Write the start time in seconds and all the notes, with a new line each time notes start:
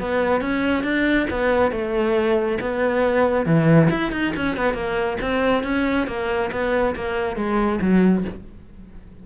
0.00 B3
0.41 C#4
0.84 D4
1.30 B3
1.72 A3
2.61 B3
3.46 E3
3.90 E4
4.12 D#4
4.36 C#4
4.57 B3
4.74 A#3
5.21 C4
5.64 C#4
6.07 A#3
6.52 B3
6.96 A#3
7.36 G#3
7.81 F#3